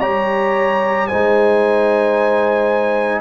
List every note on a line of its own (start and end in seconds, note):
0.00 1.08 G3
0.00 1.09 G4
0.00 1.07 C#5
0.00 1.07 A#5
1.07 3.21 D#4
1.07 3.21 C5
1.07 3.21 G#5
1.13 3.21 G#3